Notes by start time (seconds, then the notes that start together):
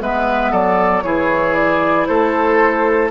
0.00 G#3 B3 B4 E5
0.52 F#3 A4 D5
1.03 E3 E4 G#4 C#5
1.54 D5
2.07 A3 A4 C5